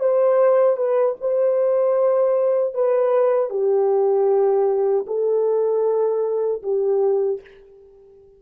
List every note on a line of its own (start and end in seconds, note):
0.00 0.77 C5
0.77 1.16 B4
1.21 2.74 C5
2.74 3.50 B4
3.50 5.06 G4
5.07 6.63 A4
6.63 7.41 G4